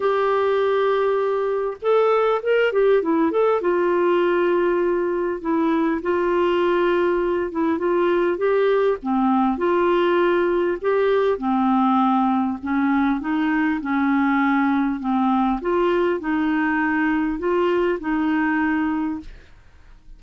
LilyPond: \new Staff \with { instrumentName = "clarinet" } { \time 4/4 \tempo 4 = 100 g'2. a'4 | ais'8 g'8 e'8 a'8 f'2~ | f'4 e'4 f'2~ | f'8 e'8 f'4 g'4 c'4 |
f'2 g'4 c'4~ | c'4 cis'4 dis'4 cis'4~ | cis'4 c'4 f'4 dis'4~ | dis'4 f'4 dis'2 | }